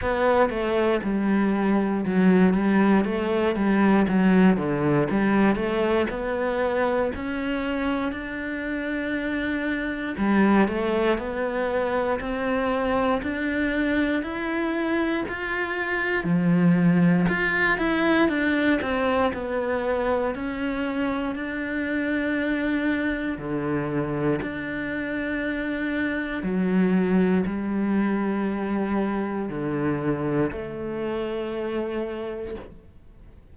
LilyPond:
\new Staff \with { instrumentName = "cello" } { \time 4/4 \tempo 4 = 59 b8 a8 g4 fis8 g8 a8 g8 | fis8 d8 g8 a8 b4 cis'4 | d'2 g8 a8 b4 | c'4 d'4 e'4 f'4 |
f4 f'8 e'8 d'8 c'8 b4 | cis'4 d'2 d4 | d'2 fis4 g4~ | g4 d4 a2 | }